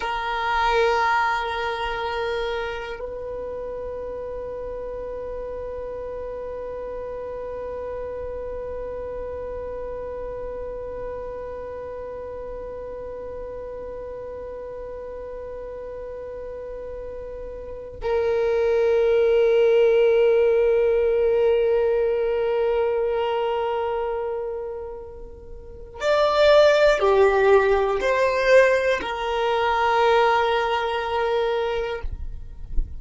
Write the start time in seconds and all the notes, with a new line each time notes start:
0.00 A#4
3.00 B4
18.01 A#4
26.00 D5
26.99 G4
28.00 C5
29.00 A#4